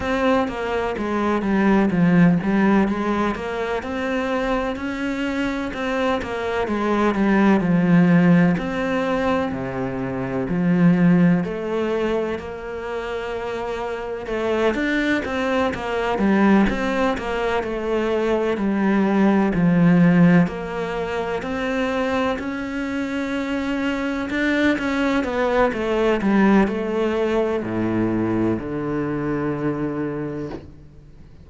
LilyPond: \new Staff \with { instrumentName = "cello" } { \time 4/4 \tempo 4 = 63 c'8 ais8 gis8 g8 f8 g8 gis8 ais8 | c'4 cis'4 c'8 ais8 gis8 g8 | f4 c'4 c4 f4 | a4 ais2 a8 d'8 |
c'8 ais8 g8 c'8 ais8 a4 g8~ | g8 f4 ais4 c'4 cis'8~ | cis'4. d'8 cis'8 b8 a8 g8 | a4 a,4 d2 | }